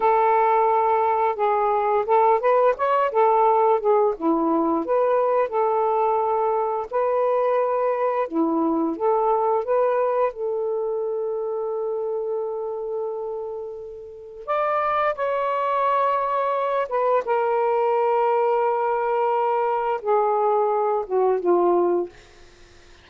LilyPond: \new Staff \with { instrumentName = "saxophone" } { \time 4/4 \tempo 4 = 87 a'2 gis'4 a'8 b'8 | cis''8 a'4 gis'8 e'4 b'4 | a'2 b'2 | e'4 a'4 b'4 a'4~ |
a'1~ | a'4 d''4 cis''2~ | cis''8 b'8 ais'2.~ | ais'4 gis'4. fis'8 f'4 | }